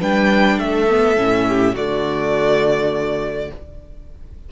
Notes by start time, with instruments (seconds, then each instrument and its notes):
0.00 cello G3, viola D4, violin B4 G5
0.59 cello A3, violin A4 E5
0.89 viola B3
1.17 cello A2, viola C#4
1.48 violin G4
1.75 cello D3, viola A3, violin F#4 D5